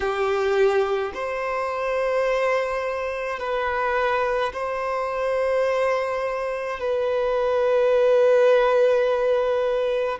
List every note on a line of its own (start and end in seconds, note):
0.00 1.12 G4
1.14 3.39 C5
3.39 4.52 B4
4.53 6.79 C5
6.79 10.19 B4